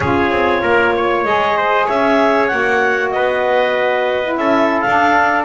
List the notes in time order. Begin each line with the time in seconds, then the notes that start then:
0.00 C#4 F4 G#4 C#5
0.31 C4
0.61 A#3 A#4
0.96 C#5
1.24 G#3 G#4 D#5
1.57 C5
1.86 C#4 C#5 E5
2.47 A#3 F#4 F#5
3.10 B3 B4 D#5
4.23 E4
4.36 C#4 A4 E5
4.80 D4 F5